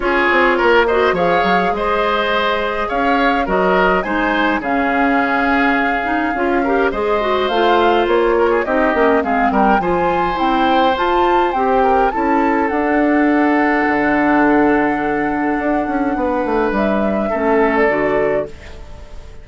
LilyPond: <<
  \new Staff \with { instrumentName = "flute" } { \time 4/4 \tempo 4 = 104 cis''4. dis''8 f''4 dis''4~ | dis''4 f''4 dis''4 gis''4 | f''1 | dis''4 f''4 cis''4 dis''4 |
f''8 g''8 gis''4 g''4 a''4 | g''4 a''4 fis''2~ | fis''1~ | fis''4 e''4.~ e''16 d''4~ d''16 | }
  \new Staff \with { instrumentName = "oboe" } { \time 4/4 gis'4 ais'8 c''8 cis''4 c''4~ | c''4 cis''4 ais'4 c''4 | gis'2.~ gis'8 ais'8 | c''2~ c''8 ais'16 gis'16 g'4 |
gis'8 ais'8 c''2.~ | c''8 ais'8 a'2.~ | a'1 | b'2 a'2 | }
  \new Staff \with { instrumentName = "clarinet" } { \time 4/4 f'4. fis'8 gis'2~ | gis'2 fis'4 dis'4 | cis'2~ cis'8 dis'8 f'8 g'8 | gis'8 fis'8 f'2 dis'8 cis'8 |
c'4 f'4 e'4 f'4 | g'4 e'4 d'2~ | d'1~ | d'2 cis'4 fis'4 | }
  \new Staff \with { instrumentName = "bassoon" } { \time 4/4 cis'8 c'8 ais4 f8 fis8 gis4~ | gis4 cis'4 fis4 gis4 | cis2. cis'4 | gis4 a4 ais4 c'8 ais8 |
gis8 g8 f4 c'4 f'4 | c'4 cis'4 d'2 | d2. d'8 cis'8 | b8 a8 g4 a4 d4 | }
>>